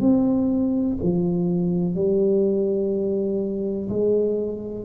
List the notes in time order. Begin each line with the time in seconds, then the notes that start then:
0.00 C4
1.02 F3
1.95 G3
3.89 G#3